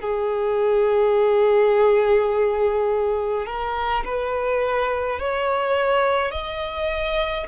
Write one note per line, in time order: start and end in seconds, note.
0.00 3.46 G#4
3.46 4.03 A#4
4.04 5.19 B4
5.19 6.31 C#5
6.31 7.46 D#5